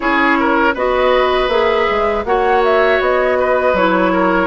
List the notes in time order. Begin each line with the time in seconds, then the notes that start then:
0.00 C#4 E4 G#4 C#5
0.39 A#4
0.74 B3 F#4 B4 D#5
1.48 A#3 G#4 E5
1.90 G#3
2.24 A#3 F#4 C#5 F#5
2.64 E5
3.00 B3 D#5
3.39 B4
3.73 F#3 E4 C#5
4.12 A#4